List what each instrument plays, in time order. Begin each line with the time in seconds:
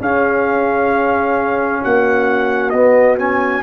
0.00 tuba C#4, trombone C#4, horn G#4, trumpet F5
1.82 tuba A#3, horn F#4, trumpet F#5
2.70 tuba B3, trombone B3, trumpet D#5
3.18 trombone C#4, trumpet G#5